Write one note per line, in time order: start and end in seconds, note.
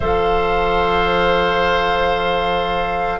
0.00 3.20 F3
0.00 3.20 A4
0.00 3.19 C5
0.00 3.20 F5